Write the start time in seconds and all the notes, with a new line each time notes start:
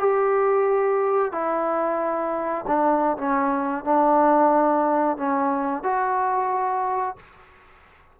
0.00 G4
1.32 E4
2.68 D4
3.18 C#4
3.85 D4
5.18 C#4
5.84 F#4